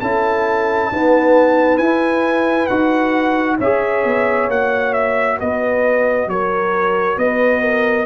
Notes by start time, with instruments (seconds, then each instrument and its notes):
0.00 tuba C#4, trombone E4, horn A4, trumpet A5
0.91 trombone B3, tuba D#4, horn B4
1.77 tuba E4, trombone E4, trumpet G#5
2.67 tuba D#4, trombone F#4, trumpet F#5
3.58 tuba C#4, trombone G#4, horn C#5, trumpet E5
4.04 tuba B3
4.48 tuba A#3, trombone F#4, trumpet F#5
4.93 trumpet E5
5.39 tuba B3, horn B4, trumpet D#5
6.27 tuba F#3, horn A#4, trumpet C#5
7.17 tuba B3, horn B4, trumpet D#5
7.61 horn A#4